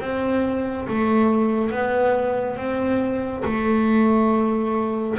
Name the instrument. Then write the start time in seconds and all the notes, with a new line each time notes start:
double bass
0.00 C4
0.87 A3
1.70 B3
2.56 C4
3.44 A3